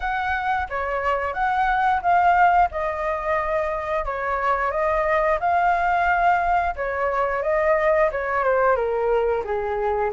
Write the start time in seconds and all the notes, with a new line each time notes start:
0.00 F#5
0.69 C#5
1.33 F#5
2.01 F5
2.71 D#5
4.05 C#5
4.71 D#5
5.40 F5
6.75 C#5
7.42 D#5
8.11 C#5
8.44 C5
8.75 A#4
9.44 G#4